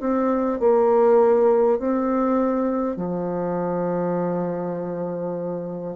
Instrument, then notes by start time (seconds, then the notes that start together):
bassoon
0.00 C4
0.59 A#3
1.79 C4
2.96 F3